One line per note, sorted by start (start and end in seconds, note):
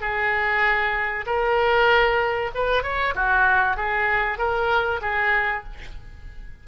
0.00 1.25 G#4
1.26 2.51 A#4
2.54 2.83 B4
2.83 3.14 C#5
3.15 3.76 F#4
3.76 4.38 G#4
4.38 5.00 A#4
5.01 5.64 G#4